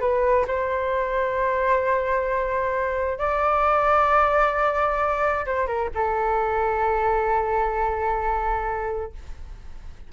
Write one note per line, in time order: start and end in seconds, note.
0.00 0.45 B4
0.47 3.18 C5
3.18 5.45 D5
5.46 5.67 C5
5.67 5.90 A#4
5.94 9.13 A4